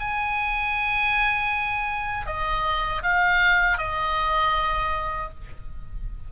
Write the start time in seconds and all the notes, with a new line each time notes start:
0.00 G#5
2.26 D#5
3.03 F5
3.78 D#5